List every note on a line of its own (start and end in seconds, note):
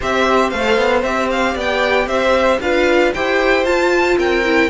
0.00 0.52 C4
0.00 0.52 G4
0.00 1.53 C5
0.00 0.50 E5
0.50 0.77 A3
0.50 1.04 A4
0.50 1.02 F5
0.77 1.02 B3
1.02 1.55 C4
1.02 2.62 G4
1.02 1.29 E5
1.31 1.57 F5
1.53 2.06 B3
1.53 2.06 D5
1.60 2.07 G5
2.06 2.58 C4
2.06 2.60 C5
2.06 2.60 E5
2.60 3.12 D4
2.60 3.14 F4
2.60 3.13 B4
2.60 3.13 F5
3.13 3.64 E4
3.13 3.65 G4
3.13 4.18 C5
3.13 3.65 G5
3.64 4.17 F4
3.64 4.43 F4
3.64 4.17 A5
4.18 4.69 C4
4.18 4.69 A#4
4.18 4.69 G5
4.44 4.69 E4